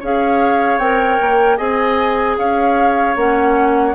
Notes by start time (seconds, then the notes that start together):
0.00 C#4 G#4 C#5 F5
0.78 C4 A#4 G5
1.21 A#3
1.57 C4 G#4 D#5 G#5
2.38 C#4 C#5 F5
3.16 A#3 C#4 F#5